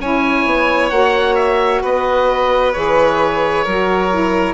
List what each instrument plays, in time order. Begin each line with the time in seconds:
0.00 bassoon C#4, saxophone E4, violin C#5, oboe G#5
0.46 bassoon B3
0.90 bassoon A#3, saxophone F#4, oboe F#5
1.35 oboe E5
1.82 bassoon B3, violin B4, oboe D#5
2.73 bassoon E3, saxophone G#4, oboe C#5
3.64 bassoon F#3, saxophone F#4, violin A#4
4.10 saxophone E4